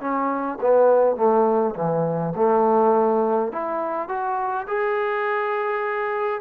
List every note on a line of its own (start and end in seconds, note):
0.00 0.58 C#4
0.61 1.16 B3
1.16 1.74 A3
1.75 2.33 E3
2.35 3.52 A3
3.52 4.08 E4
4.08 4.66 F#4
4.67 6.41 G#4